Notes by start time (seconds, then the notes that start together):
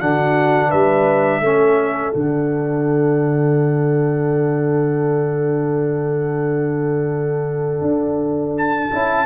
0.00 D3 D4 F#4 F#5
0.69 G3 B4 E5
1.41 A3 C#4 A4
2.13 D3 D4 F#5
7.82 D4
8.58 A5
8.93 C#4 E4